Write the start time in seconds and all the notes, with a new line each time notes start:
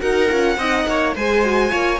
0.00 D#4 F#4 A#4 F#5
0.29 C#4 F4
0.57 C4 D#4 D#5
0.88 A#3 C#5
1.15 G#3 G#4 C5 G#5
1.44 F#4
1.70 A#3 F4 C#5